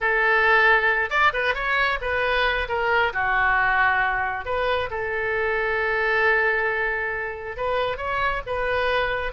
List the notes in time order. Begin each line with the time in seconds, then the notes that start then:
0.00 A4
1.10 D5
1.33 B4
1.54 C#5
2.01 B4
2.68 A#4
3.13 F#4
4.45 B4
4.90 A4
7.57 B4
7.97 C#5
8.46 B4